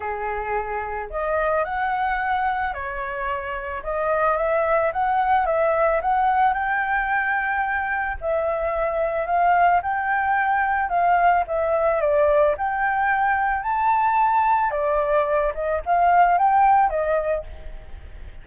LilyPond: \new Staff \with { instrumentName = "flute" } { \time 4/4 \tempo 4 = 110 gis'2 dis''4 fis''4~ | fis''4 cis''2 dis''4 | e''4 fis''4 e''4 fis''4 | g''2. e''4~ |
e''4 f''4 g''2 | f''4 e''4 d''4 g''4~ | g''4 a''2 d''4~ | d''8 dis''8 f''4 g''4 dis''4 | }